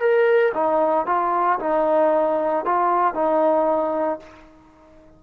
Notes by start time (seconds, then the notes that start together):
0.00 A#4
0.54 D#4
1.06 F4
1.60 D#4
2.65 F4
3.14 D#4